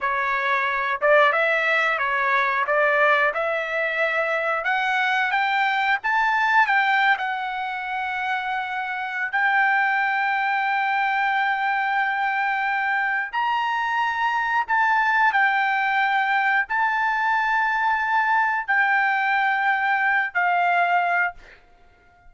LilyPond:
\new Staff \with { instrumentName = "trumpet" } { \time 4/4 \tempo 4 = 90 cis''4. d''8 e''4 cis''4 | d''4 e''2 fis''4 | g''4 a''4 g''8. fis''4~ fis''16~ | fis''2 g''2~ |
g''1 | ais''2 a''4 g''4~ | g''4 a''2. | g''2~ g''8 f''4. | }